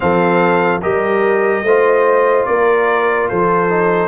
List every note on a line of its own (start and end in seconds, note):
0.00 0.84 F3
0.00 0.81 C4
0.00 0.82 A4
0.00 0.81 F5
0.82 1.62 G3
0.82 1.64 G4
0.82 1.64 A#4
0.82 2.45 D#5
1.62 2.45 A3
1.62 3.69 F4
1.62 2.47 C5
2.45 3.30 A#3
2.45 3.29 A#4
2.45 3.28 D5
3.28 4.07 F3
3.28 4.07 A4
3.28 4.07 C5
3.69 4.07 D#4